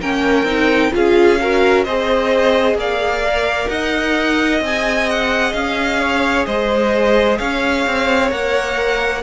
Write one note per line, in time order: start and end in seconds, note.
0.00 0.43 A#3
0.00 0.46 C#4
0.00 0.92 A#4
0.00 0.93 G5
0.43 0.89 C4
0.43 0.92 D#4
0.92 1.87 C#4
0.92 1.38 F4
0.92 1.41 G#4
0.92 1.84 F5
1.41 1.87 F#4
1.41 1.85 A#4
1.84 2.74 C4
1.84 3.25 G#4
1.84 2.77 C5
1.84 2.76 D#5
2.74 3.67 A#3
2.74 3.70 D5
2.74 3.69 F5
3.25 4.64 A#4
3.69 4.61 D#4
3.69 6.01 D#5
3.69 4.61 F#5
4.61 5.53 C4
4.61 8.30 G#4
4.61 5.10 G#5
5.10 5.53 F#5
5.53 6.46 C#4
5.53 6.46 F5
6.01 6.47 C#5
6.46 7.39 G#3
6.46 7.38 C5
6.46 7.38 D#5
7.38 7.86 C#4
7.38 9.23 C#5
7.38 8.31 F5
7.86 8.32 C4
8.30 9.23 A#3
8.30 9.22 A#4
8.30 9.23 F#5